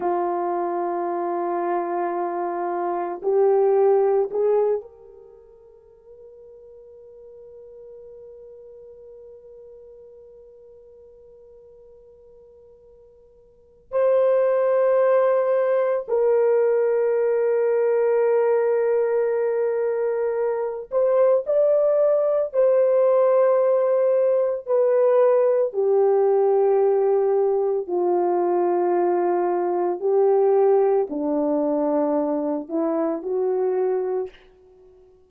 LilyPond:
\new Staff \with { instrumentName = "horn" } { \time 4/4 \tempo 4 = 56 f'2. g'4 | gis'8 ais'2.~ ais'8~ | ais'1~ | ais'4 c''2 ais'4~ |
ais'2.~ ais'8 c''8 | d''4 c''2 b'4 | g'2 f'2 | g'4 d'4. e'8 fis'4 | }